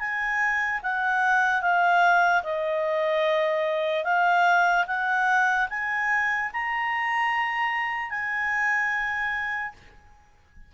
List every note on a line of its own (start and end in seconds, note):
0.00 0.81 G#5
0.83 1.62 F#5
1.62 2.43 F5
2.44 4.05 D#5
4.05 4.86 F5
4.88 5.69 F#5
5.71 6.52 G#5
6.53 8.11 A#5
8.11 9.73 G#5